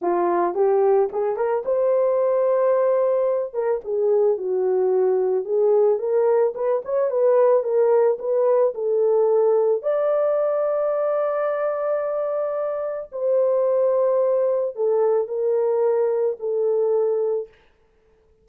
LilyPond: \new Staff \with { instrumentName = "horn" } { \time 4/4 \tempo 4 = 110 f'4 g'4 gis'8 ais'8 c''4~ | c''2~ c''8 ais'8 gis'4 | fis'2 gis'4 ais'4 | b'8 cis''8 b'4 ais'4 b'4 |
a'2 d''2~ | d''1 | c''2. a'4 | ais'2 a'2 | }